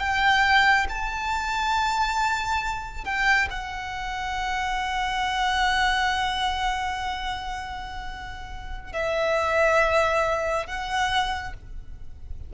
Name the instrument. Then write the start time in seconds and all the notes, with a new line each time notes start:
violin
0.00 G5
0.89 A5
3.05 G5
3.51 F#5
8.93 E5
10.67 F#5